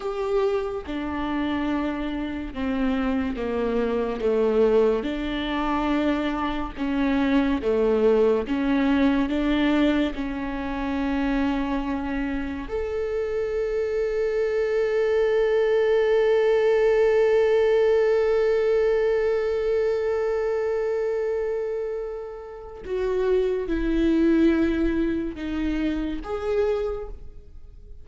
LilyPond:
\new Staff \with { instrumentName = "viola" } { \time 4/4 \tempo 4 = 71 g'4 d'2 c'4 | ais4 a4 d'2 | cis'4 a4 cis'4 d'4 | cis'2. a'4~ |
a'1~ | a'1~ | a'2. fis'4 | e'2 dis'4 gis'4 | }